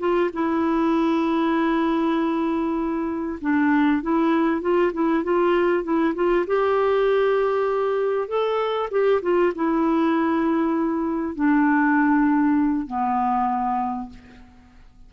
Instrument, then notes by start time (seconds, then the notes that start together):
clarinet
0.00 F4
0.34 E4
3.42 D4
4.03 E4
4.62 F4
4.94 E4
5.24 F4
5.84 E4
6.15 F4
6.47 G4
8.28 A4
8.91 G4
9.23 F4
9.56 E4
11.35 D4
12.87 B3